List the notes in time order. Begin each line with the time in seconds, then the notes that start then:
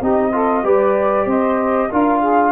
0.00 C4 D#4 G4 D#5
0.32 F4 A4
0.63 G3 G4 B4 D5
1.26 C4 C5 D#5
1.89 D4 F4 A#4 F5
2.20 G#4